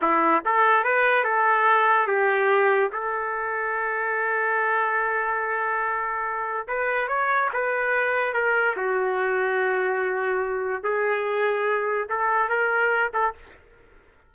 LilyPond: \new Staff \with { instrumentName = "trumpet" } { \time 4/4 \tempo 4 = 144 e'4 a'4 b'4 a'4~ | a'4 g'2 a'4~ | a'1~ | a'1 |
b'4 cis''4 b'2 | ais'4 fis'2.~ | fis'2 gis'2~ | gis'4 a'4 ais'4. a'8 | }